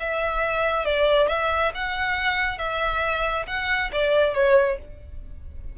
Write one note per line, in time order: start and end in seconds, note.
0.00 0.85 E5
0.85 1.29 D5
1.29 1.72 E5
1.75 2.58 F#5
2.58 3.46 E5
3.48 3.91 F#5
3.93 4.35 D5
4.35 4.78 C#5